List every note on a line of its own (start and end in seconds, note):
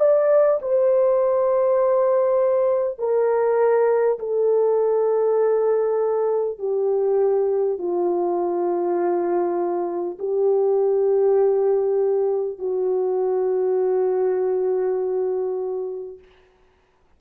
0.00 0.60 D5
0.62 2.98 C5
2.98 4.18 A#4
4.19 6.59 A4
6.59 7.78 G4
7.78 10.18 F4
10.19 12.59 G4
12.59 16.19 F#4